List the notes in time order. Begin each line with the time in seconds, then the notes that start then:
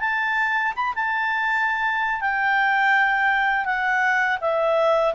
0.00 A5
0.76 B5
0.95 A5
2.21 G5
3.65 F#5
4.41 E5